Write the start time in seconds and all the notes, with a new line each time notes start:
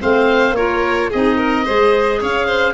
0.00 A3 C4 C5 F5
0.52 A#3 F4 A#4 C#5
1.10 C4 D#4 G#4 D#5
1.37 A#4
1.65 G#3 G#4 C5
2.21 C#4 C#5 F5
2.46 C5